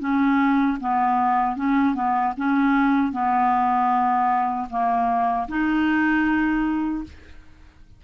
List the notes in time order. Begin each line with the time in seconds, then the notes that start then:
0.00 C#4
0.80 B3
1.56 C#4
1.95 B3
2.37 C#4
3.12 B3
4.70 A#3
5.48 D#4